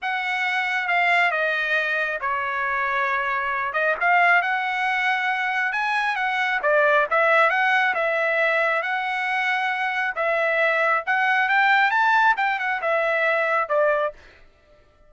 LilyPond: \new Staff \with { instrumentName = "trumpet" } { \time 4/4 \tempo 4 = 136 fis''2 f''4 dis''4~ | dis''4 cis''2.~ | cis''8 dis''8 f''4 fis''2~ | fis''4 gis''4 fis''4 d''4 |
e''4 fis''4 e''2 | fis''2. e''4~ | e''4 fis''4 g''4 a''4 | g''8 fis''8 e''2 d''4 | }